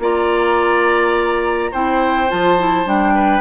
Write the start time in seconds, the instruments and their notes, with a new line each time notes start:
0.00 bassoon A#3, clarinet F4, oboe D5, flute A#5
1.72 bassoon C4, clarinet E4, oboe C5, flute G5
2.29 bassoon F3, clarinet F4, flute A5
2.59 clarinet E4
2.86 bassoon G3, clarinet D4, flute G5
3.15 oboe B4